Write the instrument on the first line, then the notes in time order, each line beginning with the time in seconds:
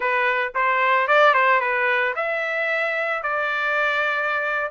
trumpet
0.00 B4
0.54 C5
1.07 D5
1.33 C5
1.60 B4
2.15 E5
3.23 D5